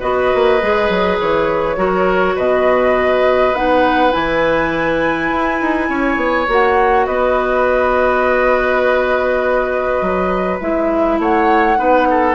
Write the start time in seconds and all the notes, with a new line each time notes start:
0.00 B3 F#4 B4 D#5
0.35 A#3
0.62 G#3 G#4
0.89 F#3
1.20 E3 C#5
1.77 F#3 F#4 A#4
2.36 B2 B4 D#5
3.54 B3 D#4 F#5
4.12 E3 E4 G#5
5.31 E4
5.61 D#4
5.89 C#4 C#5
6.17 B3
6.48 A#3 F#4 F#5
7.06 B3 B4 D#5
10.02 F#3
10.61 G#3 E4 E5
11.19 A3 C#5 F#5
11.76 B3 D#4 B4
12.10 A4